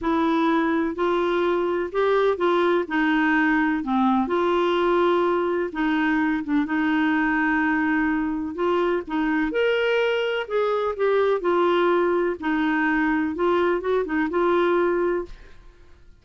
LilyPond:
\new Staff \with { instrumentName = "clarinet" } { \time 4/4 \tempo 4 = 126 e'2 f'2 | g'4 f'4 dis'2 | c'4 f'2. | dis'4. d'8 dis'2~ |
dis'2 f'4 dis'4 | ais'2 gis'4 g'4 | f'2 dis'2 | f'4 fis'8 dis'8 f'2 | }